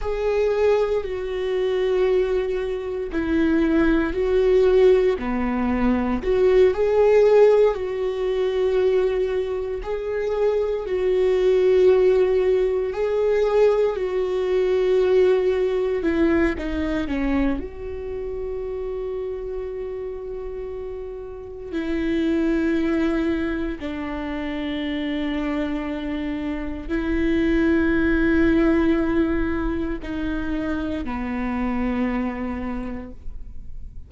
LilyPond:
\new Staff \with { instrumentName = "viola" } { \time 4/4 \tempo 4 = 58 gis'4 fis'2 e'4 | fis'4 b4 fis'8 gis'4 fis'8~ | fis'4. gis'4 fis'4.~ | fis'8 gis'4 fis'2 e'8 |
dis'8 cis'8 fis'2.~ | fis'4 e'2 d'4~ | d'2 e'2~ | e'4 dis'4 b2 | }